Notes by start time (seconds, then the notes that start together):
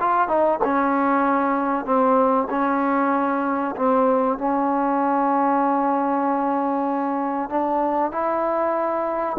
0.00 F4
0.28 D#4
0.64 C#4
1.85 C4
2.50 C#4
3.76 C4
4.38 C#4
7.50 D4
8.12 E4